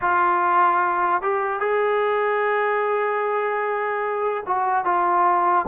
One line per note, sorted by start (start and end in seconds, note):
0.01 1.22 F4
1.22 1.60 G4
1.60 4.43 G#4
4.46 4.84 F#4
4.84 5.65 F4